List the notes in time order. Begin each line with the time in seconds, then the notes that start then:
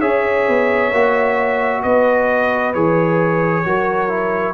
0.00 C#4 G#4 C#5 E5
0.49 B3
0.92 A#3 F#4
1.83 B3 B4 D#5
2.74 E3 G#4 C#5
3.66 F#3 F#4 A#4
4.09 E4